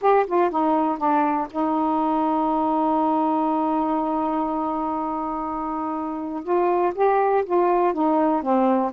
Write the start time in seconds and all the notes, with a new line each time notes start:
0.01 G4
0.26 F4
0.50 D#4
0.98 D4
1.50 D#4
6.43 F4
6.94 G4
7.45 F4
7.93 D#4
8.42 C4